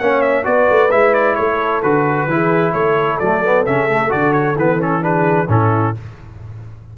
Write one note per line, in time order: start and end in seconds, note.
0.00 0.46 A#3
0.00 0.44 C#4
0.00 0.45 C#5
0.00 0.22 F#5
0.22 0.45 E5
0.44 0.69 B3
0.44 0.90 F#4
0.44 1.37 B4
0.44 0.91 D5
0.71 0.92 A3
0.91 1.38 G#3
0.91 1.84 E4
0.91 1.14 E5
1.14 1.36 D5
1.36 1.84 A3
1.36 2.28 A4
1.36 1.82 C#5
1.83 2.27 D3
1.83 2.29 F#4
1.83 2.73 B4
2.27 2.73 E3
2.27 3.22 E4
2.27 2.73 G#4
2.73 3.20 A3
2.73 5.02 A4
2.73 3.19 C#5
3.20 3.67 F#3
3.20 3.44 A3
3.20 3.65 D5
3.44 3.67 B3
3.66 4.13 C#3
3.66 3.89 C#4
3.66 4.12 E5
3.89 4.09 A3
4.09 4.56 D3
4.09 4.55 F#4
4.09 4.34 D5
4.34 4.56 C#5
4.56 5.48 E3
4.56 4.80 B3
4.56 4.82 B4
4.80 5.02 C#4
4.80 5.04 A4
5.02 5.48 D4
5.02 5.49 G#4
5.02 5.50 B4
5.48 5.94 A2
5.48 5.95 C#4
5.48 5.98 E4
5.48 5.97 A4